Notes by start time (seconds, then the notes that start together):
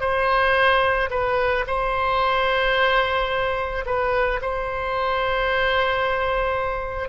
0.00 C5
1.10 B4
1.67 C5
3.85 B4
4.41 C5